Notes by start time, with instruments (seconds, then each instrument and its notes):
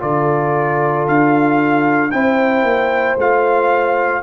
0.00 tuba D3, trombone F4, horn A4, trumpet D5
1.08 tuba D4, trumpet F5
2.11 tuba C4, trombone E4, horn C5, trumpet G5
2.63 tuba A#3
3.18 tuba A3, trombone F4, trumpet F5